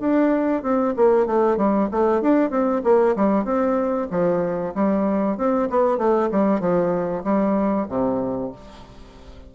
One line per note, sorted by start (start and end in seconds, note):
0.00 0.63 D4
0.63 0.94 C4
0.96 1.26 A#3
1.26 1.57 A3
1.57 1.89 G3
1.92 2.21 A3
2.21 2.51 D4
2.51 2.82 C4
2.84 3.16 A#3
3.16 3.44 G3
3.44 4.08 C4
4.11 4.74 F3
4.75 5.38 G3
5.38 5.69 C4
5.70 5.98 B3
5.98 6.30 A3
6.32 6.60 G3
6.60 7.23 F3
7.24 7.87 G3
7.89 8.52 C3